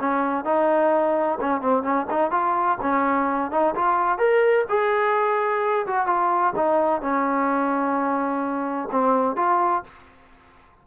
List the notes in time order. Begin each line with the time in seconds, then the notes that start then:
0.00 C#4
0.45 D#4
1.41 C#4
1.61 C4
1.83 C#4
2.10 D#4
2.31 F4
2.81 C#4
3.51 D#4
3.75 F4
4.18 A#4
4.69 G#4
5.87 F#4
6.07 F4
6.56 D#4
7.02 C#4
8.91 C4
9.36 F4